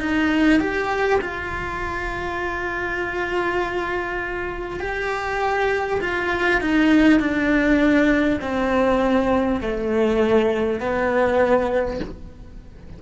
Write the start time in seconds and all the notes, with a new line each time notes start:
0.00 D#4
0.59 G4
1.21 F4
4.79 G4
6.01 F4
6.61 D#4
7.19 D4
8.41 C4
9.60 A3
10.80 B3